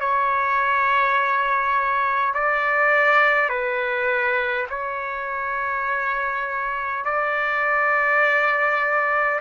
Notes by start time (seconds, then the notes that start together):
0.00 C#5
2.34 D5
3.49 B4
4.70 C#5
7.04 D5